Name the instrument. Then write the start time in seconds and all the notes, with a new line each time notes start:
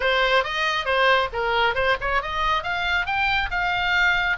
oboe
0.00 C5
0.44 D#5
0.85 C5
1.32 A#4
1.74 C5
2.00 C#5
2.22 D#5
2.63 F5
3.06 G5
3.50 F5